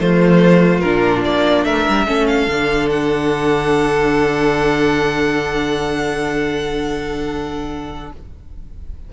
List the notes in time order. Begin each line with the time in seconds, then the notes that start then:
0.00 F3 A3 F4 C5
0.80 A#2 D4 A#4
1.25 A#3 D5
1.65 A3 A#4 E5
1.89 G3
2.07 A3 C#4 A4
2.27 F5
2.47 D3 D4
2.90 F#5